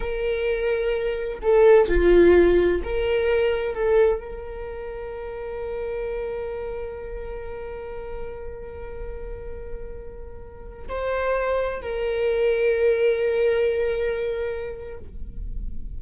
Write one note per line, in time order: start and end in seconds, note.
0.00 1.39 A#4
1.41 1.87 A4
1.87 2.81 F4
2.83 3.74 A#4
3.74 4.20 A4
4.20 10.87 A#4
10.88 11.81 C5
11.81 14.98 A#4